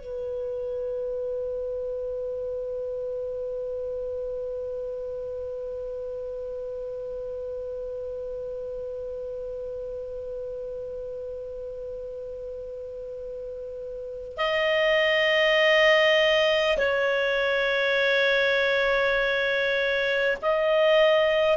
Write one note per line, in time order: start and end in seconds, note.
0.00 14.37 B4
14.37 16.77 D#5
16.77 20.37 C#5
20.42 21.57 D#5